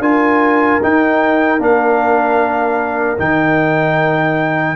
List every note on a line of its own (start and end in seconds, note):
0.00 0.79 D4
0.00 0.81 F4
0.00 4.75 A#4
0.00 0.81 G#5
0.83 1.59 D#4
0.83 1.62 G5
1.59 3.17 A#3
1.59 3.17 D4
1.59 3.19 F5
3.18 4.76 D#3
3.18 4.76 D#4
3.18 4.76 G5